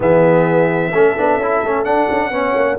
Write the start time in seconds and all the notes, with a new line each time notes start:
0.00 E3 B3 G#4 E5
0.92 A3 C#4 A4
1.17 B3 D4
1.37 C#4 E4
1.62 A3 C#4
1.84 D4 F#5
2.10 C#4
2.30 B3 C#4 C#5
2.55 A#3